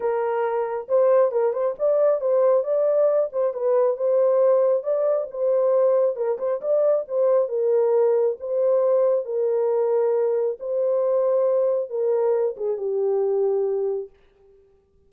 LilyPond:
\new Staff \with { instrumentName = "horn" } { \time 4/4 \tempo 4 = 136 ais'2 c''4 ais'8 c''8 | d''4 c''4 d''4. c''8 | b'4 c''2 d''4 | c''2 ais'8 c''8 d''4 |
c''4 ais'2 c''4~ | c''4 ais'2. | c''2. ais'4~ | ais'8 gis'8 g'2. | }